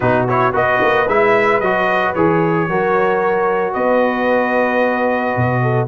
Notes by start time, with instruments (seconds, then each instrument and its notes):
0.00 tuba B2, trombone D#4, horn F#4, trumpet B4
0.28 trombone E4, trumpet C#5
0.52 tuba B3, trombone F#4, horn B4, trumpet D#5
0.81 tuba A#3
1.07 tuba G#3, trombone E4, trumpet E5
1.60 tuba F#3, trombone F#4, trumpet D#5
2.14 tuba E3, trombone G#4, trumpet C#5
2.68 tuba F#3, trombone F#4, horn A#4
3.73 tuba B3, horn B4, trumpet D#5
5.36 tuba B2
5.62 horn A4